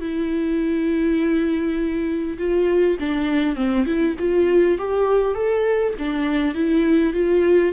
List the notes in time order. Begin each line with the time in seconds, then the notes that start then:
0.00 E4
2.38 F4
2.99 D4
3.55 C4
3.86 E4
4.19 F4
4.78 G4
5.34 A4
5.98 D4
6.54 E4
7.13 F4